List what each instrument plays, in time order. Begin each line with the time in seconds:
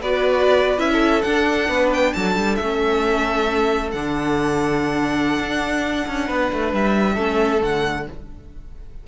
0.00 cello B3, viola F#4, violin B4 D5
0.77 cello C#4, viola E4, violin E5
0.92 violin A4
1.21 cello D4, viola D4, violin F#5
1.68 cello B3, violin B4
1.93 violin G5
2.13 cello F#3, violin A4 A5
2.35 cello G3
2.55 cello A3, viola C#4, violin E5
3.91 cello D3, viola D4, violin F#5
5.39 cello D4
6.07 cello C#4
6.26 cello B3, violin B4
6.52 cello A3
6.72 cello G3, violin E5
7.13 cello A3, viola C#4, violin A4
7.59 cello D3, viola A3, violin F#5